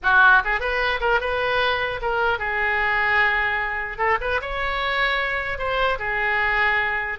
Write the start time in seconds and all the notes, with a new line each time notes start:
0.02 F#4
0.44 G#4
0.59 B4
1.00 A#4
1.20 B4
2.01 A#4
2.39 G#4
3.98 A4
4.20 B4
4.41 C#5
5.58 C5
5.99 G#4